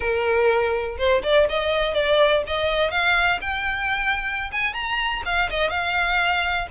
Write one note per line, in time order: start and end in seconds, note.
0.00 0.97 A#4
0.98 1.22 C5
1.23 1.47 D5
1.49 1.94 D#5
1.94 2.42 D5
2.46 2.90 D#5
2.90 3.39 F5
3.41 4.50 G5
4.51 4.73 G#5
4.73 5.22 A#5
5.25 5.49 F5
5.49 5.69 D#5
5.69 6.67 F5